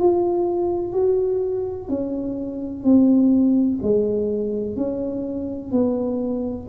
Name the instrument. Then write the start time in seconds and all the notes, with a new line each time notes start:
tuba
0.00 F4
0.94 F#4
1.89 C#4
2.84 C4
3.83 G#3
4.76 C#4
5.72 B3